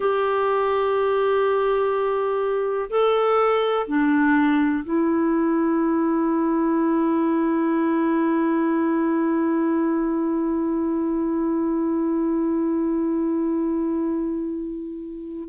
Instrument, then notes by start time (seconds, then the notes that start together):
clarinet
0.00 G4
2.89 A4
3.87 D4
4.84 E4